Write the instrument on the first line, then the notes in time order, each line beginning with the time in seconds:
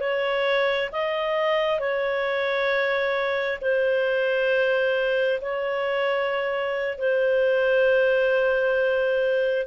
clarinet
0.00 C#5
0.92 D#5
1.80 C#5
3.61 C5
5.41 C#5
6.98 C5